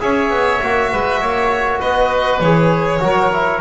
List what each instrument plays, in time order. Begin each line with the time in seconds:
0.00 double bass C#4, trombone G#4, oboe C#5, violin E5
0.31 double bass B3
0.63 double bass A#3, trombone F#4
0.92 double bass G#3, oboe B4
1.21 double bass A#3, oboe C#5
1.80 double bass B3, oboe B4, violin D#5
2.40 double bass E3, trombone G#4, violin C#5
3.00 double bass F#3, trombone F#4, oboe A#4
3.33 trombone E4